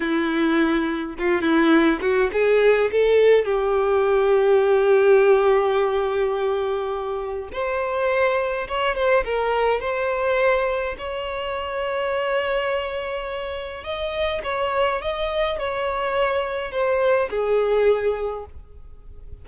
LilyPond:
\new Staff \with { instrumentName = "violin" } { \time 4/4 \tempo 4 = 104 e'2 f'8 e'4 fis'8 | gis'4 a'4 g'2~ | g'1~ | g'4 c''2 cis''8 c''8 |
ais'4 c''2 cis''4~ | cis''1 | dis''4 cis''4 dis''4 cis''4~ | cis''4 c''4 gis'2 | }